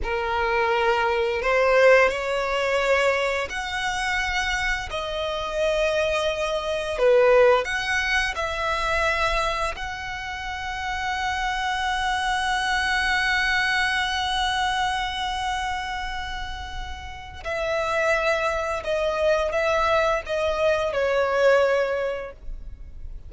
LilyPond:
\new Staff \with { instrumentName = "violin" } { \time 4/4 \tempo 4 = 86 ais'2 c''4 cis''4~ | cis''4 fis''2 dis''4~ | dis''2 b'4 fis''4 | e''2 fis''2~ |
fis''1~ | fis''1~ | fis''4 e''2 dis''4 | e''4 dis''4 cis''2 | }